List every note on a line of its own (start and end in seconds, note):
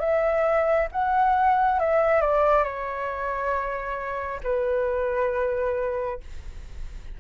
0.00 0.88 E5
0.92 1.80 F#5
1.80 2.21 E5
2.21 2.64 D5
2.64 4.40 C#5
4.44 6.20 B4